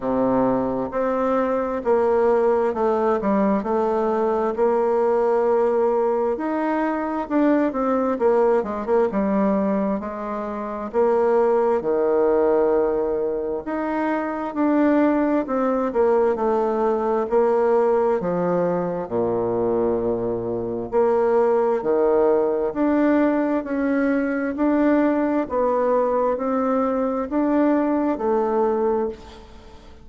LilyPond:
\new Staff \with { instrumentName = "bassoon" } { \time 4/4 \tempo 4 = 66 c4 c'4 ais4 a8 g8 | a4 ais2 dis'4 | d'8 c'8 ais8 gis16 ais16 g4 gis4 | ais4 dis2 dis'4 |
d'4 c'8 ais8 a4 ais4 | f4 ais,2 ais4 | dis4 d'4 cis'4 d'4 | b4 c'4 d'4 a4 | }